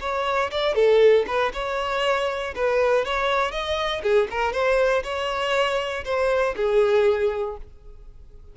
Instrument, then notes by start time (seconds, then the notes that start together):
violin
0.00 C#5
0.51 D5
0.75 A4
1.27 B4
1.53 C#5
2.55 B4
3.05 C#5
3.51 D#5
4.02 G#4
4.30 A#4
4.52 C5
5.03 C#5
6.04 C5
6.56 G#4